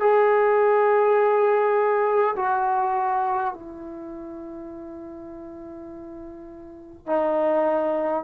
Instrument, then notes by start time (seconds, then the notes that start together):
trombone
0.00 G#4
2.36 F#4
3.53 E4
7.06 D#4